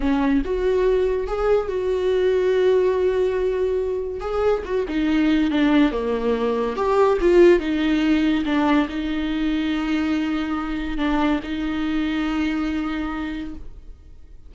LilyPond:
\new Staff \with { instrumentName = "viola" } { \time 4/4 \tempo 4 = 142 cis'4 fis'2 gis'4 | fis'1~ | fis'2 gis'4 fis'8 dis'8~ | dis'4 d'4 ais2 |
g'4 f'4 dis'2 | d'4 dis'2.~ | dis'2 d'4 dis'4~ | dis'1 | }